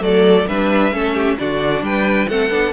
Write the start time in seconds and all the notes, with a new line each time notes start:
0.00 F#3 A3 A4 D5
0.47 G3 D4 B4 E5
0.92 A3 C#4 A4
1.14 G4
1.39 D3 D4 F#4 D5
1.81 G3 B4 G5
2.29 A3 C4 A4 F#5
2.50 B3 D4